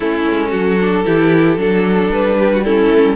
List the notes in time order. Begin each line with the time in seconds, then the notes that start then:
0.00 A3 C#4 E4 A4
0.30 G#3
0.49 F#3 F#4
0.80 D4
1.05 E3 E4 G4
1.56 F#3 D4 A4
2.08 G3 B4
2.39 G4
2.52 F#4
2.64 C#4 E4 A4
2.90 A3
3.03 G3